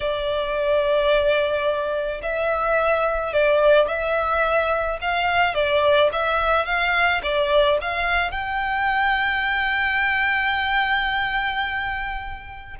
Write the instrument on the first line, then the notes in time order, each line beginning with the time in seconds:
violin
0.00 D5
2.22 E5
3.33 D5
3.88 E5
5.01 F5
5.54 D5
6.12 E5
6.65 F5
7.22 D5
7.81 F5
8.31 G5